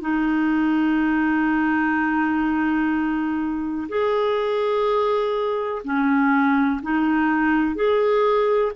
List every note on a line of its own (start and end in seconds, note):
0.00 3.87 D#4
3.88 5.82 G#4
5.84 6.80 C#4
6.82 7.75 D#4
7.75 8.72 G#4